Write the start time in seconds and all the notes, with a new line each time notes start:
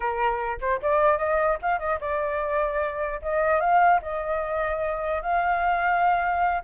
0.00 A#4
0.60 C5
0.81 D5
1.17 D#5
1.61 F5
1.79 D#5
2.00 D5
3.22 D#5
3.60 F5
4.02 D#5
5.22 F5